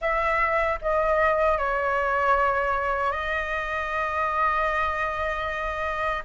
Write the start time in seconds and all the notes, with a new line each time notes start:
0.01 E5
0.81 D#5
1.58 C#5
3.11 D#5